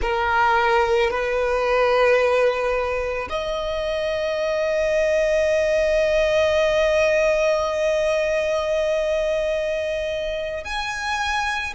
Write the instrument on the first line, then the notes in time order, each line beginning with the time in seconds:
violin
0.01 A#4
1.10 B4
3.29 D#5
10.64 G#5